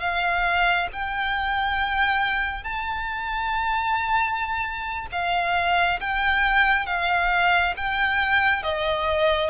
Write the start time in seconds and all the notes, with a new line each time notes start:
0.00 F5
0.93 G5
2.64 A5
5.12 F5
6.00 G5
6.87 F5
7.77 G5
8.63 D#5